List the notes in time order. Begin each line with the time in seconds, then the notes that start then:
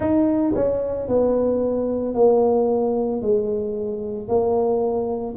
0.00 D#4
0.55 C#4
1.08 B3
2.14 A#3
3.21 G#3
4.28 A#3